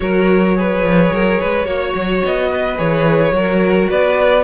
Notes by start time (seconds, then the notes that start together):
0.00 F#3 F#4 A#4 C#5
0.56 G#4 B4
0.82 F3
1.11 F#3 A#4
1.40 G#3 B4
1.64 A#3 F#4 C#5
1.95 F#3
2.25 B3 D#5
2.51 B4
2.77 E3 G#4 C#5
3.31 F#3 F#4 A#4
3.89 B3 B4 D5